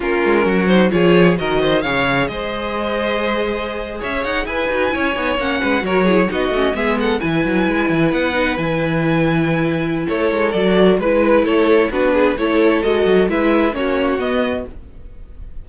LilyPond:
<<
  \new Staff \with { instrumentName = "violin" } { \time 4/4 \tempo 4 = 131 ais'4. c''8 cis''4 dis''4 | f''4 dis''2.~ | dis''8. e''8 fis''8 gis''2 fis''16~ | fis''8. cis''4 dis''4 e''8 fis''8 gis''16~ |
gis''4.~ gis''16 fis''4 gis''4~ gis''16~ | gis''2 cis''4 d''4 | b'4 cis''4 b'4 cis''4 | dis''4 e''4 cis''4 dis''4 | }
  \new Staff \with { instrumentName = "violin" } { \time 4/4 f'4 fis'4 gis'4 ais'8 c''8 | cis''4 c''2.~ | c''8. cis''4 b'4 cis''4~ cis''16~ | cis''16 b'8 ais'8 gis'8 fis'4 gis'8 a'8 b'16~ |
b'1~ | b'2 a'2 | b'4 a'4 fis'8 gis'8 a'4~ | a'4 b'4 fis'2 | }
  \new Staff \with { instrumentName = "viola" } { \time 4/4 cis'4. dis'8 f'4 fis'4 | gis'1~ | gis'2~ gis'16 fis'8 e'8 dis'8 cis'16~ | cis'8. fis'8 e'8 dis'8 cis'8 b4 e'16~ |
e'2~ e'16 dis'8 e'4~ e'16~ | e'2. fis'4 | e'2 d'4 e'4 | fis'4 e'4 cis'4 b4 | }
  \new Staff \with { instrumentName = "cello" } { \time 4/4 ais8 gis8 fis4 f4 dis4 | cis4 gis2.~ | gis8. cis'8 dis'8 e'8 dis'8 cis'8 b8 ais16~ | ais16 gis8 fis4 b8 a8 gis4 e16~ |
e16 fis8 gis8 e8 b4 e4~ e16~ | e2 a8 gis8 fis4 | gis4 a4 b4 a4 | gis8 fis8 gis4 ais4 b4 | }
>>